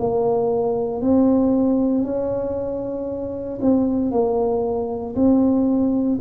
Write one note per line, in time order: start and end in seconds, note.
0.00 1.02 A#3
1.02 2.05 C4
2.05 3.60 C#4
3.62 4.12 C4
4.12 5.15 A#3
5.16 6.19 C4